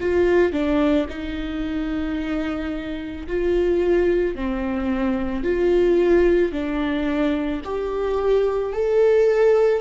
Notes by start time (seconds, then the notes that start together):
0.00 F4
0.52 D4
1.09 D#4
3.27 F4
4.35 C4
5.43 F4
6.52 D4
7.64 G4
8.73 A4